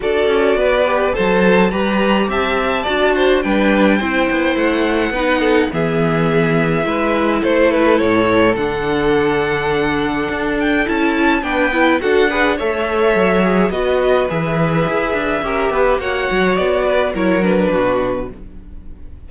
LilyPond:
<<
  \new Staff \with { instrumentName = "violin" } { \time 4/4 \tempo 4 = 105 d''2 a''4 ais''4 | a''2 g''2 | fis''2 e''2~ | e''4 c''8 b'8 cis''4 fis''4~ |
fis''2~ fis''8 g''8 a''4 | g''4 fis''4 e''2 | dis''4 e''2. | fis''4 d''4 cis''8 b'4. | }
  \new Staff \with { instrumentName = "violin" } { \time 4/4 a'4 b'4 c''4 b'4 | e''4 d''8 c''8 b'4 c''4~ | c''4 b'8 a'8 gis'2 | b'4 a'2.~ |
a'1 | b'4 a'8 b'8 cis''2 | b'2. ais'8 b'8 | cis''4. b'8 ais'4 fis'4 | }
  \new Staff \with { instrumentName = "viola" } { \time 4/4 fis'4. g'8 a'4 g'4~ | g'4 fis'4 d'4 e'4~ | e'4 dis'4 b2 | e'2. d'4~ |
d'2. e'4 | d'8 e'8 fis'8 gis'8 a'4. gis'8 | fis'4 gis'2 g'4 | fis'2 e'8 d'4. | }
  \new Staff \with { instrumentName = "cello" } { \time 4/4 d'8 cis'8 b4 fis4 g4 | c'4 d'4 g4 c'8 b8 | a4 b4 e2 | gis4 a4 a,4 d4~ |
d2 d'4 cis'4 | b4 d'4 a4 fis4 | b4 e4 e'8 d'8 cis'8 b8 | ais8 fis8 b4 fis4 b,4 | }
>>